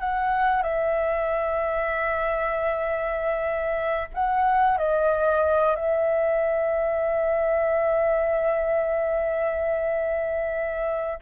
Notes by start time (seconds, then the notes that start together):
0.00 F#5
0.63 E5
4.14 F#5
4.77 D#5
5.75 E5